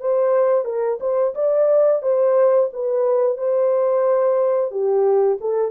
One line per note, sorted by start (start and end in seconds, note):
0.00 0.65 C5
0.65 0.98 A#4
1.00 1.34 C5
1.35 2.02 D5
2.02 2.70 C5
2.73 3.37 B4
3.37 4.71 C5
4.71 5.38 G4
5.40 5.71 A4